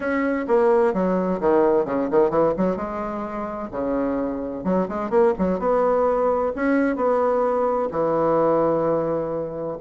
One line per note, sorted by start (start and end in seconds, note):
0.00 0.45 C#4
0.47 0.93 A#3
0.93 1.40 F#3
1.40 1.85 D#3
1.85 2.08 C#3
2.11 2.30 D#3
2.30 2.53 E3
2.57 2.76 F#3
2.76 3.69 G#3
3.71 4.64 C#3
4.64 4.87 F#3
4.88 5.10 G#3
5.10 5.33 A#3
5.38 5.59 F#3
5.59 6.52 B3
6.55 6.96 C#4
6.96 7.89 B3
7.91 9.77 E3